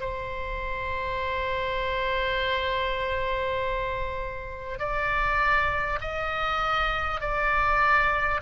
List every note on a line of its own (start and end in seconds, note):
0.00 4.79 C5
4.79 5.99 D5
6.01 7.20 D#5
7.20 8.40 D5